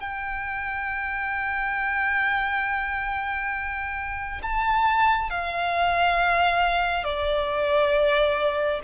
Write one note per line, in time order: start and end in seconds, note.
0.00 4.41 G5
4.43 5.30 A5
5.30 7.04 F5
7.04 8.81 D5